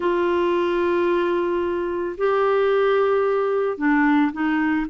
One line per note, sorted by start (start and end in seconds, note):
0.00 2.16 F4
2.17 3.77 G4
3.77 4.31 D4
4.32 4.86 D#4